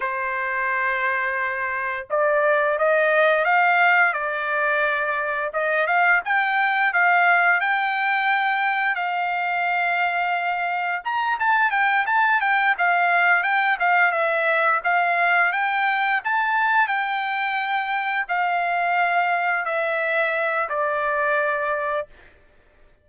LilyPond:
\new Staff \with { instrumentName = "trumpet" } { \time 4/4 \tempo 4 = 87 c''2. d''4 | dis''4 f''4 d''2 | dis''8 f''8 g''4 f''4 g''4~ | g''4 f''2. |
ais''8 a''8 g''8 a''8 g''8 f''4 g''8 | f''8 e''4 f''4 g''4 a''8~ | a''8 g''2 f''4.~ | f''8 e''4. d''2 | }